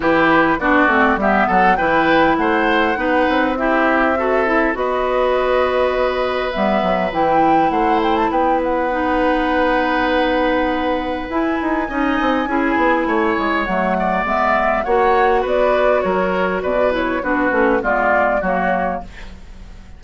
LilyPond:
<<
  \new Staff \with { instrumentName = "flute" } { \time 4/4 \tempo 4 = 101 b'4 d''4 e''8 fis''8 g''4 | fis''2 e''2 | dis''2. e''4 | g''4 fis''8 g''16 a''16 g''8 fis''4.~ |
fis''2. gis''4~ | gis''2. fis''4 | e''4 fis''4 d''4 cis''4 | d''8 cis''8 b'4 d''4 cis''4 | }
  \new Staff \with { instrumentName = "oboe" } { \time 4/4 g'4 fis'4 g'8 a'8 b'4 | c''4 b'4 g'4 a'4 | b'1~ | b'4 c''4 b'2~ |
b'1 | dis''4 gis'4 cis''4. d''8~ | d''4 cis''4 b'4 ais'4 | b'4 fis'4 f'4 fis'4 | }
  \new Staff \with { instrumentName = "clarinet" } { \time 4/4 e'4 d'8 c'8 b4 e'4~ | e'4 dis'4 e'4 fis'8 e'8 | fis'2. b4 | e'2. dis'4~ |
dis'2. e'4 | dis'4 e'2 a4 | b4 fis'2.~ | fis'8 e'8 d'8 cis'8 b4 ais4 | }
  \new Staff \with { instrumentName = "bassoon" } { \time 4/4 e4 b8 a8 g8 fis8 e4 | a4 b8 c'2~ c'8 | b2. g8 fis8 | e4 a4 b2~ |
b2. e'8 dis'8 | cis'8 c'8 cis'8 b8 a8 gis8 fis4 | gis4 ais4 b4 fis4 | b,4 b8 a8 gis4 fis4 | }
>>